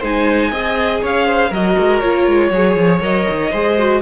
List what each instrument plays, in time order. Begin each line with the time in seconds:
0.00 cello G#3, viola D#4, violin C5 G#5
0.51 cello C4, viola G#4, violin D#5
1.02 cello C#4, violin C#5 F5
1.27 violin C5
1.50 cello F#3, viola F#4, violin A#4 D#5
1.79 cello G#3
2.00 cello A#3, viola F4, violin C#5
2.27 cello G#3
2.51 cello F#3, viola G#4, violin C#5
2.76 cello F3
3.01 cello F#3, viola A#4, violin D#5
3.30 cello D#3
3.51 cello G#3, viola G#4, violin C5
3.79 viola F#4